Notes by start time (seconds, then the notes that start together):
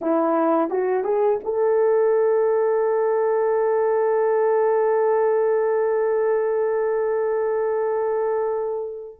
0.01 E4
0.69 F#4
1.04 G#4
1.43 A4